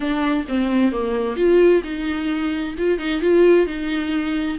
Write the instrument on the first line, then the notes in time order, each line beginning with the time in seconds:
viola
0.00 D4
0.48 C4
0.92 A#3
1.36 F4
1.83 D#4
2.78 F4
2.98 D#4
3.21 F4
3.66 D#4